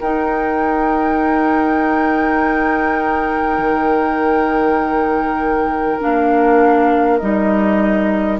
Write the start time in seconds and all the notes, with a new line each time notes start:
0.00 D#4 A#4 G5
3.58 D#3
6.00 A#3 D4 F5
7.19 G3 D#4 D#5